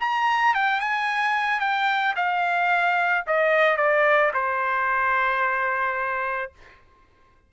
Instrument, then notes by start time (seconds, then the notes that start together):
trumpet
0.00 A#5
0.54 G5
0.80 G#5
1.60 G5
2.16 F5
3.27 D#5
3.77 D5
4.34 C5